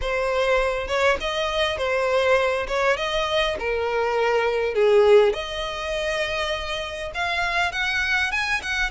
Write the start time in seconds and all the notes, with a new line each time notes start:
0.01 C5
0.87 C#5
1.20 D#5
1.77 C5
2.67 C#5
2.96 D#5
3.59 A#4
4.74 G#4
5.33 D#5
7.14 F5
7.72 F#5
8.31 G#5
8.62 F#5